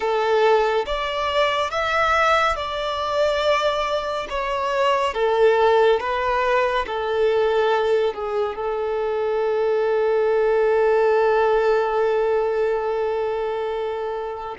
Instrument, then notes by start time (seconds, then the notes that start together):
violin
0.00 A4
0.86 D5
1.70 E5
2.56 D5
4.29 C#5
5.14 A4
6.00 B4
6.86 A4
8.14 G#4
8.55 A4